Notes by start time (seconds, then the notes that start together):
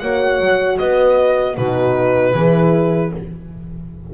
0.00 A#3 F#4 C#5 F#5
0.40 F#3
0.79 B3 B4 D#5
1.57 B2 D#4 F#4 B4
2.34 E3 E4 G#4